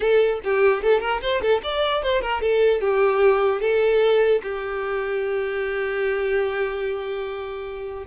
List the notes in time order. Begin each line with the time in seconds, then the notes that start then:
0.00 A4
0.44 G4
0.82 A4
1.00 A#4
1.21 C5
1.41 A4
1.63 D5
2.02 C5
2.21 A#4
2.41 A4
2.80 G4
3.61 A4
4.42 G4